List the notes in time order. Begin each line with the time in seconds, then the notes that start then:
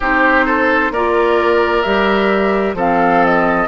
0.00 C4 D#4 G4 C5
0.45 A4
0.91 A#3 F4 A#4 D5
1.82 G3 G4 E5
2.74 F3 C4 A4 F5
3.25 D#5